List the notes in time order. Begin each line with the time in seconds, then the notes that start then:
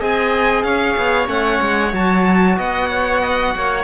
0.00 C4 G#4 D#5 G#5
0.63 C#4 C#5 F5
0.98 B3
1.26 A3 C#4 F#5
1.61 G#3
1.92 F#3 F#4 A5
2.58 B3 D#5 F#5
2.90 C#5
3.21 D#5
3.56 A#3 C#5